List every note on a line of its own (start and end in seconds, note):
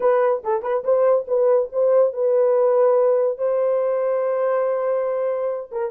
0.00 0.42 B4
0.43 0.62 A4
0.62 0.83 B4
0.84 1.26 C5
1.27 1.69 B4
1.72 2.13 C5
2.13 3.37 B4
3.37 5.70 C5
5.71 5.91 A#4